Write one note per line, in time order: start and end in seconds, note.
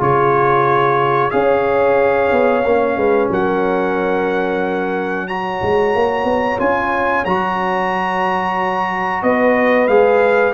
0.00 1.33 C#3
0.00 1.31 F4
0.00 1.34 G#4
0.00 1.31 C#5
1.31 2.32 C#4
1.31 2.63 G#4
1.31 2.99 C#5
1.31 3.29 F5
2.32 2.65 B3
2.65 2.97 A#3
2.65 5.29 C#4
2.97 3.30 G#3
2.97 3.31 B4
3.31 5.62 F#3
3.31 5.28 A#4
3.31 5.28 F#5
5.28 6.59 F#4
5.28 9.24 C#5
5.28 6.60 A#5
5.62 5.95 G#3
5.95 6.24 A#3
6.24 6.57 B3
6.59 7.26 C#4
6.59 7.25 F4
6.59 7.25 G#5
7.25 9.23 F#3
7.25 9.89 F#4
7.25 9.23 A#5
9.23 9.88 B3
9.23 10.54 B4
9.23 9.88 D#5
9.88 10.54 G#3
9.88 10.54 G#4
9.88 10.54 F5